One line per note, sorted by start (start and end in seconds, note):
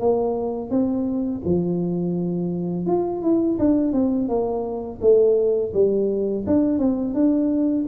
0.00 0.70 A#3
0.70 1.42 C4
1.45 2.87 F3
2.87 3.22 F4
3.22 3.58 E4
3.59 3.93 D4
3.93 4.29 C4
4.29 5.00 A#3
5.01 5.73 A3
5.74 6.45 G3
6.47 6.79 D4
6.79 7.15 C4
7.15 7.86 D4